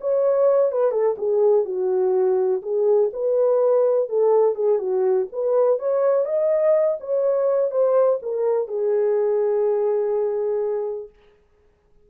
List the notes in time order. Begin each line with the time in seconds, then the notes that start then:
0.00 C#5
0.71 B4
0.91 A4
1.17 G#4
1.65 F#4
2.62 G#4
3.12 B4
4.09 A4
4.54 G#4
4.78 F#4
5.32 B4
5.79 C#5
6.25 D#5
7.00 C#5
7.71 C5
8.22 A#4
8.67 G#4